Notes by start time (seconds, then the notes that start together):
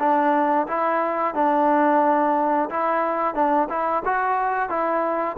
0.00 D4
0.68 E4
1.35 D4
2.70 E4
3.35 D4
3.70 E4
4.06 F#4
4.70 E4